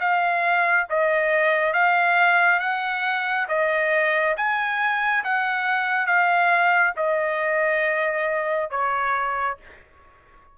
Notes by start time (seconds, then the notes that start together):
0.00 F5
0.90 D#5
1.73 F5
2.60 F#5
3.48 D#5
4.37 G#5
5.24 F#5
6.06 F5
6.96 D#5
8.70 C#5